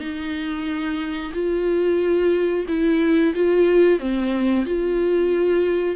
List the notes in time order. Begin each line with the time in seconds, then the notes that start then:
0.00 D#4
1.34 F4
2.68 E4
3.35 F4
3.99 C4
4.65 F4